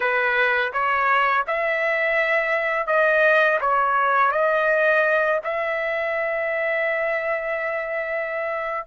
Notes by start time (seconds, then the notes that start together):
0.00 B4
0.72 C#5
1.47 E5
2.87 D#5
3.60 C#5
4.31 D#5
5.44 E5